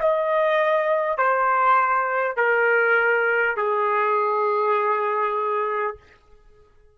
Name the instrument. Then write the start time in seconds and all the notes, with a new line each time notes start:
trumpet
0.00 D#5
1.18 C5
2.37 A#4
3.57 G#4